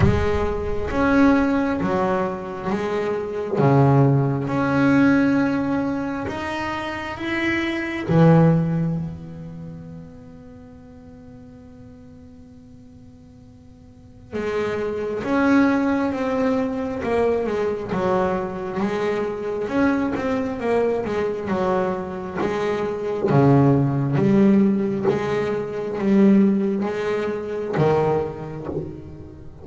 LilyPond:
\new Staff \with { instrumentName = "double bass" } { \time 4/4 \tempo 4 = 67 gis4 cis'4 fis4 gis4 | cis4 cis'2 dis'4 | e'4 e4 b2~ | b1 |
gis4 cis'4 c'4 ais8 gis8 | fis4 gis4 cis'8 c'8 ais8 gis8 | fis4 gis4 cis4 g4 | gis4 g4 gis4 dis4 | }